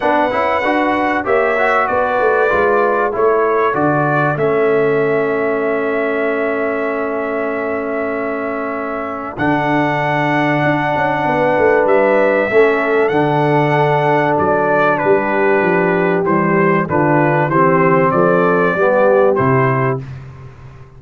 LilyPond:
<<
  \new Staff \with { instrumentName = "trumpet" } { \time 4/4 \tempo 4 = 96 fis''2 e''4 d''4~ | d''4 cis''4 d''4 e''4~ | e''1~ | e''2. fis''4~ |
fis''2. e''4~ | e''4 fis''2 d''4 | b'2 c''4 b'4 | c''4 d''2 c''4 | }
  \new Staff \with { instrumentName = "horn" } { \time 4/4 b'2 cis''4 b'4~ | b'4 a'2.~ | a'1~ | a'1~ |
a'2 b'2 | a'1 | g'2. f'4 | g'4 a'4 g'2 | }
  \new Staff \with { instrumentName = "trombone" } { \time 4/4 d'8 e'8 fis'4 g'8 fis'4. | f'4 e'4 fis'4 cis'4~ | cis'1~ | cis'2. d'4~ |
d'1 | cis'4 d'2.~ | d'2 g4 d'4 | c'2 b4 e'4 | }
  \new Staff \with { instrumentName = "tuba" } { \time 4/4 b8 cis'8 d'4 ais4 b8 a8 | gis4 a4 d4 a4~ | a1~ | a2. d4~ |
d4 d'8 cis'8 b8 a8 g4 | a4 d2 fis4 | g4 f4 e4 d4 | e4 f4 g4 c4 | }
>>